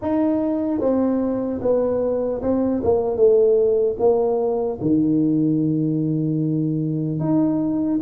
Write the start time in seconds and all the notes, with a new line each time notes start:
0.01 D#4
0.80 C4
1.61 B3
2.42 C4
2.83 A#3
3.16 A3
3.99 A#3
4.81 D#3
7.19 D#4